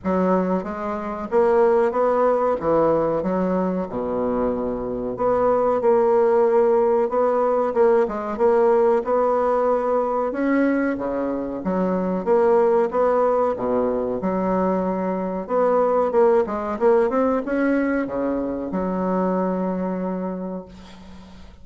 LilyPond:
\new Staff \with { instrumentName = "bassoon" } { \time 4/4 \tempo 4 = 93 fis4 gis4 ais4 b4 | e4 fis4 b,2 | b4 ais2 b4 | ais8 gis8 ais4 b2 |
cis'4 cis4 fis4 ais4 | b4 b,4 fis2 | b4 ais8 gis8 ais8 c'8 cis'4 | cis4 fis2. | }